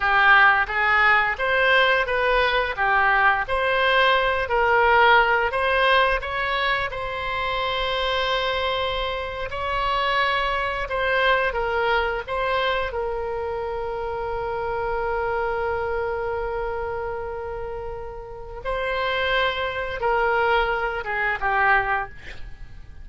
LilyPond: \new Staff \with { instrumentName = "oboe" } { \time 4/4 \tempo 4 = 87 g'4 gis'4 c''4 b'4 | g'4 c''4. ais'4. | c''4 cis''4 c''2~ | c''4.~ c''16 cis''2 c''16~ |
c''8. ais'4 c''4 ais'4~ ais'16~ | ais'1~ | ais'2. c''4~ | c''4 ais'4. gis'8 g'4 | }